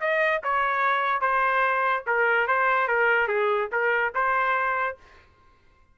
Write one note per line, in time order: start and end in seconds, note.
0.00 0.41 D#5
0.43 1.21 C#5
1.21 2.04 C5
2.07 2.47 A#4
2.47 2.88 C5
2.88 3.27 A#4
3.27 3.69 G#4
3.71 4.13 A#4
4.14 4.97 C5